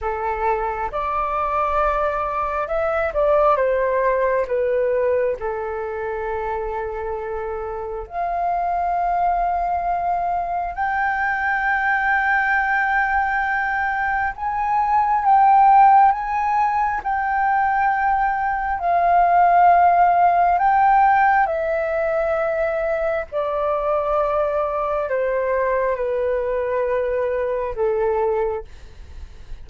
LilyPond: \new Staff \with { instrumentName = "flute" } { \time 4/4 \tempo 4 = 67 a'4 d''2 e''8 d''8 | c''4 b'4 a'2~ | a'4 f''2. | g''1 |
gis''4 g''4 gis''4 g''4~ | g''4 f''2 g''4 | e''2 d''2 | c''4 b'2 a'4 | }